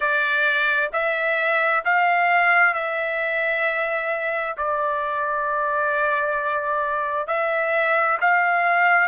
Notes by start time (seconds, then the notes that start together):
0.00 D5
0.93 E5
1.84 F5
2.74 E5
4.57 D5
7.27 E5
8.20 F5